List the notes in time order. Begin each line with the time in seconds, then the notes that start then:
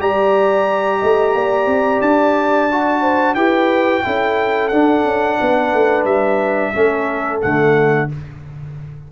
0.00 G3 G4 D5 A#5
1.00 A3 D#5
1.35 A#3 D5
1.66 C4
2.01 D4 A5
2.72 F#4
3.01 C5
3.35 E4 G4 B4 G5
4.04 C#4 E4 A4
4.69 D4 F#5
5.05 C#4
5.41 B3 B4
5.74 A3
6.05 G3 E5
6.74 A3 C#4 A4
7.42 D3 A3 F#5